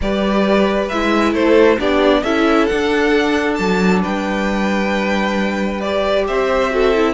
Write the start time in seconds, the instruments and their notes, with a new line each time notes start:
0.01 cello G3, viola G4, violin B4 D5
0.88 cello G#3, viola E4, violin E5
1.33 cello A3, violin A4 C5
1.78 cello B3, viola D4, violin G4 D5
2.23 cello C#4, viola E4, violin A4 E5
2.66 viola D4, cello D4, violin F#5
3.54 cello F#3, violin A5
4.01 cello G3, violin B4 G5
5.80 viola G4, violin D5
6.27 cello C4, violin C5 E5
6.70 viola F#4, violin A4
6.94 viola E4